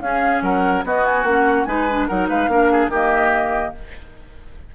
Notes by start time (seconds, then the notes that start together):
0.00 C#4 G#4 F5
0.42 F#3 A#4 F#5
0.84 B3 F#4 D#5
1.05 G#5
1.23 A#3 C#4 F#5
1.65 G#3 D#4 B4 G#5
1.90 D4
2.07 F#3 D#4 A#4 F#5
2.29 G#3 B4 F5
2.48 A#3 D4 A#4
2.72 G#4
2.88 D#3 A#3 G4 D#5